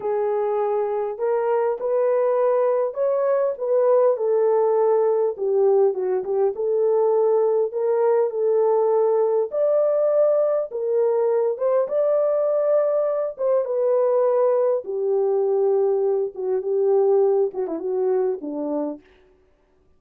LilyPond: \new Staff \with { instrumentName = "horn" } { \time 4/4 \tempo 4 = 101 gis'2 ais'4 b'4~ | b'4 cis''4 b'4 a'4~ | a'4 g'4 fis'8 g'8 a'4~ | a'4 ais'4 a'2 |
d''2 ais'4. c''8 | d''2~ d''8 c''8 b'4~ | b'4 g'2~ g'8 fis'8 | g'4. fis'16 e'16 fis'4 d'4 | }